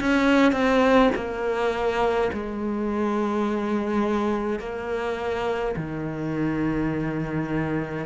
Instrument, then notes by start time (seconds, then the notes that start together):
cello
0.00 C#4
0.52 C4
1.15 A#3
2.33 G#3
4.59 A#3
5.76 D#3